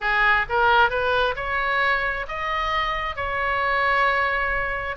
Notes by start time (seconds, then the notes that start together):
0.00 G#4
0.49 A#4
0.89 B4
1.36 C#5
2.28 D#5
3.16 C#5